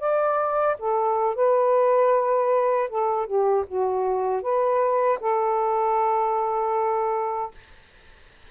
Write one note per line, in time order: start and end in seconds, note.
0.00 0.77 D5
0.79 1.36 A4
1.36 2.90 B4
2.90 3.27 A4
3.27 3.65 G4
3.68 4.42 F#4
4.42 5.19 B4
5.21 7.51 A4